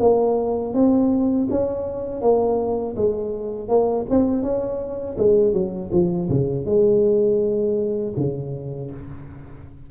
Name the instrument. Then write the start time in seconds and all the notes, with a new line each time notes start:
tuba
0.00 A#3
0.74 C4
1.51 C#4
2.21 A#3
2.96 G#3
3.69 A#3
4.10 C4
4.43 C#4
5.18 G#3
5.53 F#3
5.92 F3
6.30 C#3
6.66 G#3
8.17 C#3